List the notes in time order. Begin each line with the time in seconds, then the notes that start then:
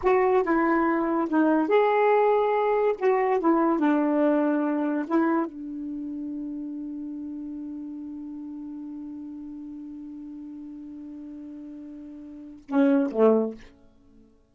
0.02 F#4
0.43 E4
1.29 D#4
1.68 G#4
2.98 F#4
3.40 E4
3.79 D4
5.07 E4
5.45 D4
12.68 C#4
13.11 A3